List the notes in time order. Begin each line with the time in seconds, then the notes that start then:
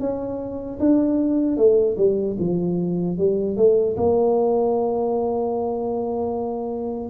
0.00 C#4
0.80 D4
1.57 A3
1.98 G3
2.40 F3
3.18 G3
3.57 A3
3.97 A#3